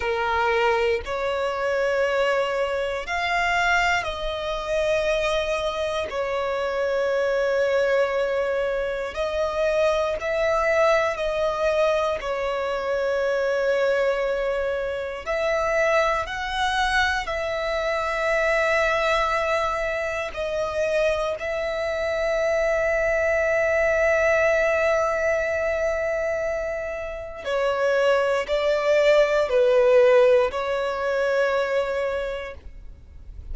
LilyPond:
\new Staff \with { instrumentName = "violin" } { \time 4/4 \tempo 4 = 59 ais'4 cis''2 f''4 | dis''2 cis''2~ | cis''4 dis''4 e''4 dis''4 | cis''2. e''4 |
fis''4 e''2. | dis''4 e''2.~ | e''2. cis''4 | d''4 b'4 cis''2 | }